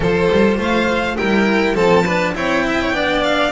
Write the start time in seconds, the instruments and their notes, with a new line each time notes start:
0.00 double bass F3, cello F4, violin A4 C5
0.30 double bass G3
0.57 double bass A3, violin C5 F5
1.17 double bass G3, cello E4, violin A#4 G5
1.74 double bass F3, cello C4, violin A4 A5
2.03 cello D4, violin B4
2.34 double bass C4, cello E4, violin C#5 G5
2.66 violin E5
2.81 violin C#5
2.91 double bass B3, cello D4, violin D5
3.22 violin F5